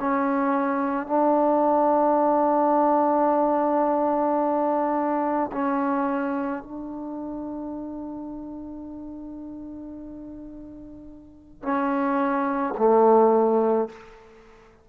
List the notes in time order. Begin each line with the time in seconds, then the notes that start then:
0.00 C#4
1.07 D4
5.53 C#4
6.63 D4
11.63 C#4
12.78 A3